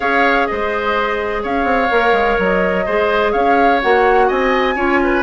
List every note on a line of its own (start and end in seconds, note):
0.00 0.48 C#4
0.00 1.89 G#4
0.00 0.47 C#5
0.00 0.46 F5
0.46 1.44 G#3
0.46 1.42 C5
0.46 1.42 D#5
1.42 1.64 C#4
1.42 2.85 C#5
1.42 2.40 F5
1.64 1.88 C4
1.90 2.12 A#3
1.90 2.85 A#4
2.12 2.36 G#3
2.38 2.86 F#3
2.38 3.32 D#5
2.85 3.34 G#3
2.85 3.82 G#4
2.85 3.32 C5
3.32 3.81 C#4
3.32 4.27 C#5
3.32 3.80 F5
3.82 4.30 A#3
3.82 4.75 F#4
3.82 4.29 F#5
4.27 4.75 C4
4.27 4.74 D#5
4.27 5.23 G#5
4.75 5.23 C#4
4.75 5.23 F4
4.75 4.99 C#5
5.03 5.23 B4